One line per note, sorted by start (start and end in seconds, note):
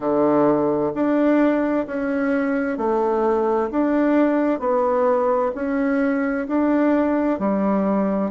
0.00 0.92 D3
0.94 1.86 D4
1.86 2.77 C#4
2.77 3.70 A3
3.70 4.59 D4
4.59 5.51 B3
5.54 6.47 C#4
6.47 7.38 D4
7.38 8.30 G3